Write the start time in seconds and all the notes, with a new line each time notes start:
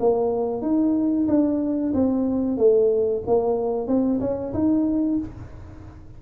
0.00 A#3
0.62 D#4
1.28 D4
1.94 C4
2.57 A3
3.26 A#3
3.87 C4
4.20 C#4
4.54 D#4